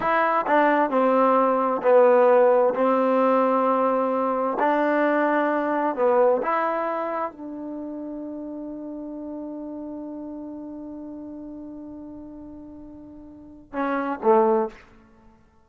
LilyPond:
\new Staff \with { instrumentName = "trombone" } { \time 4/4 \tempo 4 = 131 e'4 d'4 c'2 | b2 c'2~ | c'2 d'2~ | d'4 b4 e'2 |
d'1~ | d'1~ | d'1~ | d'2 cis'4 a4 | }